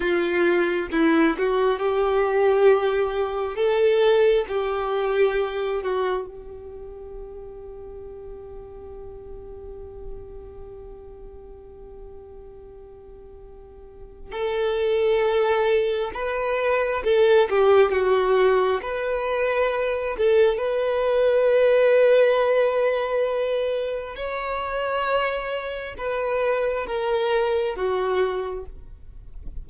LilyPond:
\new Staff \with { instrumentName = "violin" } { \time 4/4 \tempo 4 = 67 f'4 e'8 fis'8 g'2 | a'4 g'4. fis'8 g'4~ | g'1~ | g'1 |
a'2 b'4 a'8 g'8 | fis'4 b'4. a'8 b'4~ | b'2. cis''4~ | cis''4 b'4 ais'4 fis'4 | }